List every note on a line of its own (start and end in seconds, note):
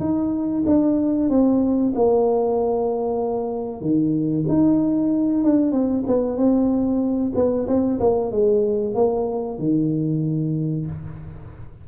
0.00 0.64 D#4
0.66 1.29 D4
1.29 1.93 C4
1.95 3.81 A#3
3.81 4.45 D#3
4.48 5.44 D#4
5.44 5.72 D4
5.72 6.04 C4
6.07 6.37 B3
6.37 7.33 C4
7.35 7.67 B3
7.68 8.00 C4
8.00 8.32 A#3
8.32 8.94 G#3
8.94 9.58 A#3
9.59 10.86 D#3